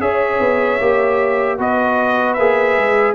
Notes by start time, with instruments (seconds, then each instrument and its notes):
0.00 tuba C#4, trombone G#4, horn C#5, trumpet E5
0.40 tuba B3
0.80 tuba A#3, trombone G4
1.58 tuba B3, trombone F#4, horn B4, trumpet D#5
2.34 tuba A#3, trombone G#4, trumpet E5
2.77 tuba G#3